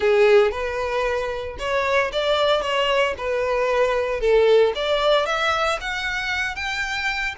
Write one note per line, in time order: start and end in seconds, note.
0.00 0.51 G#4
0.51 1.56 B4
1.58 2.11 C#5
2.12 2.61 D5
2.61 3.14 C#5
3.17 4.20 B4
4.20 4.72 A4
4.75 5.26 D5
5.26 5.78 E5
5.81 6.55 F#5
6.55 7.34 G5